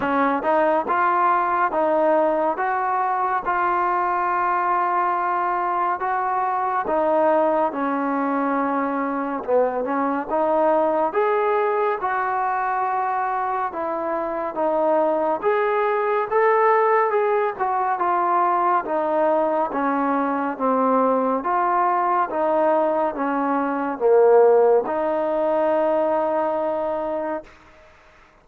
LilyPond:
\new Staff \with { instrumentName = "trombone" } { \time 4/4 \tempo 4 = 70 cis'8 dis'8 f'4 dis'4 fis'4 | f'2. fis'4 | dis'4 cis'2 b8 cis'8 | dis'4 gis'4 fis'2 |
e'4 dis'4 gis'4 a'4 | gis'8 fis'8 f'4 dis'4 cis'4 | c'4 f'4 dis'4 cis'4 | ais4 dis'2. | }